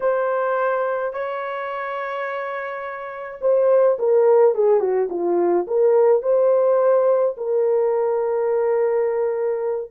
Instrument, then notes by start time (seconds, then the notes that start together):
horn
0.00 C5
1.13 C#5
3.41 C5
3.99 A#4
4.54 G#4
4.80 F#4
5.09 F4
5.67 A#4
6.22 C5
7.37 A#4